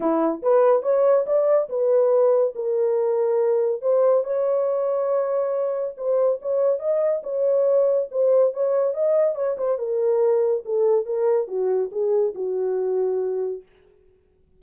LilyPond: \new Staff \with { instrumentName = "horn" } { \time 4/4 \tempo 4 = 141 e'4 b'4 cis''4 d''4 | b'2 ais'2~ | ais'4 c''4 cis''2~ | cis''2 c''4 cis''4 |
dis''4 cis''2 c''4 | cis''4 dis''4 cis''8 c''8 ais'4~ | ais'4 a'4 ais'4 fis'4 | gis'4 fis'2. | }